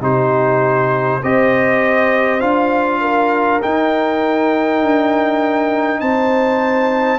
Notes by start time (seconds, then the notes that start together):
0.00 C3 D#4 G4 C5
1.22 C4 G4 C5 D#5
2.40 D4 F4 F5
3.00 A#4
3.62 D#4 G5
4.82 D4
6.00 C4 C5 A5